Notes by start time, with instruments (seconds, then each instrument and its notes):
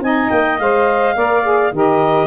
0.00 tuba C4, saxophone D#4 D#5, clarinet G#5
0.29 tuba A#3, clarinet G5
0.58 tuba G#3, saxophone C5, clarinet F5
1.14 tuba A#3, saxophone A#4 D5
1.42 saxophone G#4
1.71 tuba D#3, saxophone G4 A#4, clarinet D#5